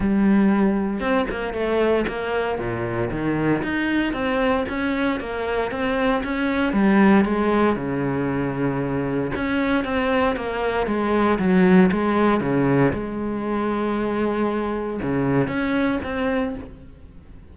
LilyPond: \new Staff \with { instrumentName = "cello" } { \time 4/4 \tempo 4 = 116 g2 c'8 ais8 a4 | ais4 ais,4 dis4 dis'4 | c'4 cis'4 ais4 c'4 | cis'4 g4 gis4 cis4~ |
cis2 cis'4 c'4 | ais4 gis4 fis4 gis4 | cis4 gis2.~ | gis4 cis4 cis'4 c'4 | }